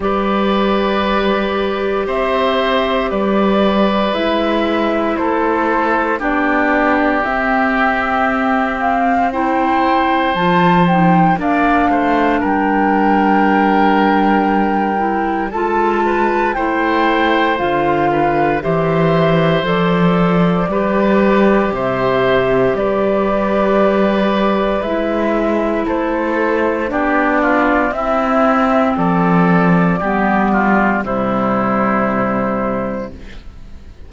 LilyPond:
<<
  \new Staff \with { instrumentName = "flute" } { \time 4/4 \tempo 4 = 58 d''2 e''4 d''4 | e''4 c''4 d''4 e''4~ | e''8 f''8 g''4 a''8 g''8 f''4 | g''2. a''4 |
g''4 f''4 e''4 d''4~ | d''4 e''4 d''2 | e''4 c''4 d''4 e''4 | d''2 c''2 | }
  \new Staff \with { instrumentName = "oboe" } { \time 4/4 b'2 c''4 b'4~ | b'4 a'4 g'2~ | g'4 c''2 d''8 c''8 | ais'2. a'8 b'8 |
c''4. b'8 c''2 | b'4 c''4 b'2~ | b'4 a'4 g'8 f'8 e'4 | a'4 g'8 f'8 e'2 | }
  \new Staff \with { instrumentName = "clarinet" } { \time 4/4 g'1 | e'2 d'4 c'4~ | c'4 e'4 f'8 dis'8 d'4~ | d'2~ d'8 e'8 f'4 |
e'4 f'4 g'4 a'4 | g'1 | e'2 d'4 c'4~ | c'4 b4 g2 | }
  \new Staff \with { instrumentName = "cello" } { \time 4/4 g2 c'4 g4 | gis4 a4 b4 c'4~ | c'2 f4 ais8 a8 | g2. gis4 |
a4 d4 e4 f4 | g4 c4 g2 | gis4 a4 b4 c'4 | f4 g4 c2 | }
>>